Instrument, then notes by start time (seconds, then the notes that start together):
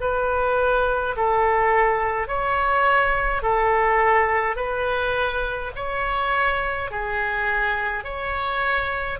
oboe
0.00 B4
1.16 A4
2.28 C#5
3.42 A4
4.56 B4
5.75 C#5
6.91 G#4
8.03 C#5